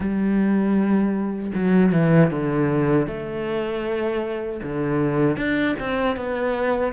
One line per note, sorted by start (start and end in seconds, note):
0.00 1.52 G3
1.54 1.92 F#3
1.92 2.30 E3
2.30 3.07 D3
3.07 4.60 A3
4.63 5.36 D3
5.36 5.75 D4
5.79 6.16 C4
6.16 6.92 B3